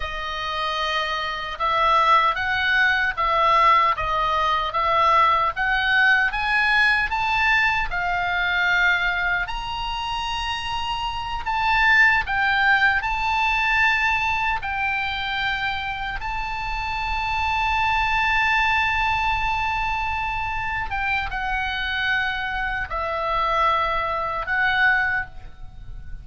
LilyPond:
\new Staff \with { instrumentName = "oboe" } { \time 4/4 \tempo 4 = 76 dis''2 e''4 fis''4 | e''4 dis''4 e''4 fis''4 | gis''4 a''4 f''2 | ais''2~ ais''8 a''4 g''8~ |
g''8 a''2 g''4.~ | g''8 a''2.~ a''8~ | a''2~ a''8 g''8 fis''4~ | fis''4 e''2 fis''4 | }